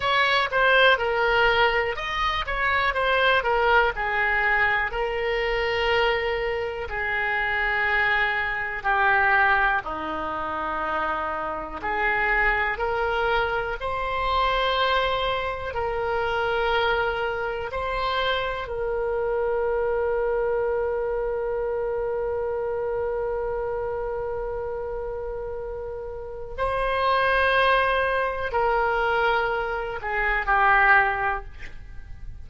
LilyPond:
\new Staff \with { instrumentName = "oboe" } { \time 4/4 \tempo 4 = 61 cis''8 c''8 ais'4 dis''8 cis''8 c''8 ais'8 | gis'4 ais'2 gis'4~ | gis'4 g'4 dis'2 | gis'4 ais'4 c''2 |
ais'2 c''4 ais'4~ | ais'1~ | ais'2. c''4~ | c''4 ais'4. gis'8 g'4 | }